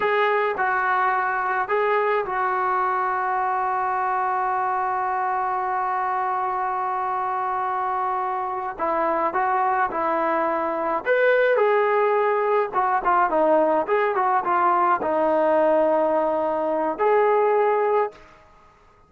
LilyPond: \new Staff \with { instrumentName = "trombone" } { \time 4/4 \tempo 4 = 106 gis'4 fis'2 gis'4 | fis'1~ | fis'1~ | fis'2.~ fis'8 e'8~ |
e'8 fis'4 e'2 b'8~ | b'8 gis'2 fis'8 f'8 dis'8~ | dis'8 gis'8 fis'8 f'4 dis'4.~ | dis'2 gis'2 | }